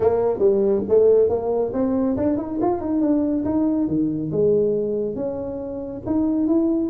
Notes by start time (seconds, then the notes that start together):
0.00 A#3
0.39 G3
0.88 A3
1.29 A#3
1.73 C4
2.16 D4
2.37 D#4
2.60 F4
2.80 D#4
3.01 D4
3.44 D#4
3.87 D#3
4.31 G#3
5.15 C#4
6.05 D#4
6.47 E4